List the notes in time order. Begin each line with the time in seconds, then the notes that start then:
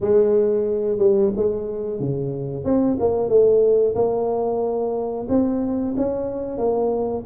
0.00 G#3
0.98 G3
1.36 G#3
2.00 C#3
2.64 C4
2.99 A#3
3.28 A3
3.95 A#3
5.28 C4
5.96 C#4
6.58 A#3